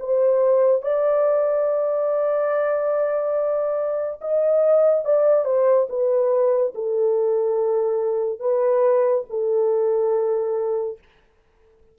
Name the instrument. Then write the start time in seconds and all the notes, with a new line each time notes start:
horn
0.00 C5
0.82 D5
4.22 D#5
5.06 D5
5.45 C5
5.90 B4
6.75 A4
8.40 B4
9.30 A4